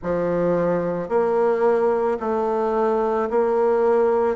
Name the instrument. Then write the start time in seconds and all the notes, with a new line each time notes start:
bassoon
0.02 F3
1.09 A#3
2.20 A3
3.30 A#3